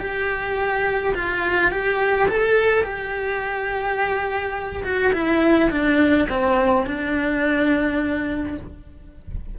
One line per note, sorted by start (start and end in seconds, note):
0.00 1.14 G4
1.15 1.72 F4
1.72 2.29 G4
2.29 2.84 A4
2.84 4.84 G4
4.84 5.13 F#4
5.13 5.70 E4
5.71 6.28 D4
6.30 6.87 C4
6.87 8.58 D4